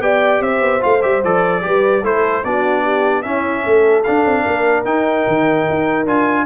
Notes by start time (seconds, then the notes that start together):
0.00 B3 G4 D5 G5
0.40 C4 C5 E5
0.61 B3
0.81 A3 F4 F5
1.02 G3 G4 E5
1.24 F3 A4 D5
1.62 G3 G4 B4
2.03 A3 E4 A4 C5
2.44 B3 D4 F#4 D5
2.84 G4
3.22 C#4 E4 E5
3.64 A3 A4
4.04 D4 F5
4.25 C4
4.43 A#3 A#4
4.84 D#4 G5
5.27 D#3
5.70 D#4
6.06 D4 F4 G#5